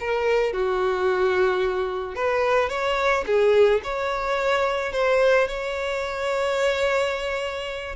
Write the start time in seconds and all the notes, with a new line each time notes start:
0.00 A#4
0.53 F#4
2.15 B4
2.69 C#5
3.27 G#4
3.84 C#5
4.93 C5
5.48 C#5